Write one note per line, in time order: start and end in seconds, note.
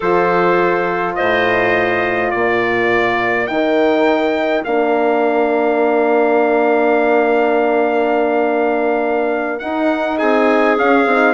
0.00 1.17 F3
0.00 3.48 F4
0.00 1.14 A4
0.00 1.15 C5
1.15 2.33 A2
1.15 2.32 C5
1.15 2.30 D#5
2.30 3.50 A#2
2.30 10.17 A#4
2.30 3.46 D5
3.46 4.65 D#3
3.46 4.64 D#4
3.46 4.63 G5
4.64 9.61 A#3
4.64 9.61 D4
4.64 9.59 F5
9.59 10.77 D#4
9.59 10.21 D#4
9.59 10.17 F#5
10.17 10.79 C4
10.17 11.34 G#4
10.17 10.76 G#5
10.77 11.06 C#4
10.77 11.34 F5
11.06 11.34 C4
11.06 11.34 D#4